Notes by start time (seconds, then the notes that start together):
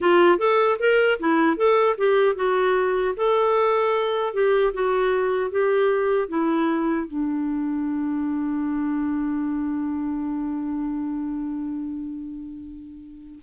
0.00 F4
0.38 A4
0.79 A#4
1.19 E4
1.56 A4
1.97 G4
2.35 F#4
3.16 A4
4.33 G4
4.73 F#4
5.50 G4
6.28 E4
7.07 D4